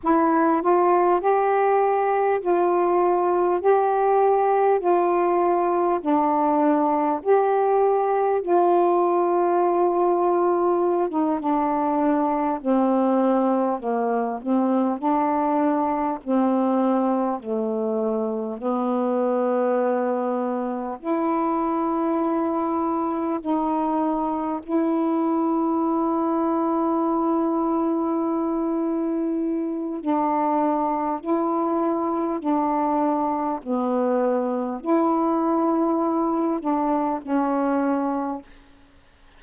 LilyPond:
\new Staff \with { instrumentName = "saxophone" } { \time 4/4 \tempo 4 = 50 e'8 f'8 g'4 f'4 g'4 | f'4 d'4 g'4 f'4~ | f'4~ f'16 dis'16 d'4 c'4 ais8 | c'8 d'4 c'4 a4 b8~ |
b4. e'2 dis'8~ | dis'8 e'2.~ e'8~ | e'4 d'4 e'4 d'4 | b4 e'4. d'8 cis'4 | }